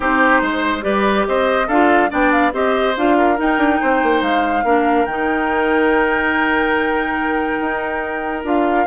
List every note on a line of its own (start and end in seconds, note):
0.00 0.41 C4
0.00 0.81 D#4
0.00 0.42 G4
0.00 0.82 C5
0.41 0.83 G#3
0.41 0.84 C5
0.81 1.26 G3
0.81 1.65 G4
0.81 1.26 B4
0.81 1.24 D5
1.27 1.68 C4
1.27 1.67 C5
1.27 1.68 D#5
1.67 2.10 D4
1.67 2.09 F4
1.67 2.09 A4
1.67 2.10 F5
2.09 2.53 B3
2.09 2.51 D4
2.09 2.53 D5
2.09 2.32 G5
2.32 2.53 F5
2.52 2.95 C4
2.52 2.94 G4
2.52 3.17 C5
2.52 2.96 D#5
2.97 3.39 D4
2.97 3.36 F4
2.97 3.39 F5
3.17 3.80 A#4
3.36 4.63 D#4
3.36 3.57 D#4
3.36 4.22 G5
3.57 3.78 D4
3.80 4.02 C4
3.80 4.64 C5
4.02 4.21 A#3
4.21 4.63 G#3
4.21 5.05 F5
4.63 5.05 A#3
4.63 5.07 D4
4.63 8.87 A#4
5.05 7.59 D#3
5.05 8.44 D#4
5.05 8.43 G5
7.60 8.43 D#4
8.43 8.86 D4
8.43 8.86 F4
8.43 8.87 F5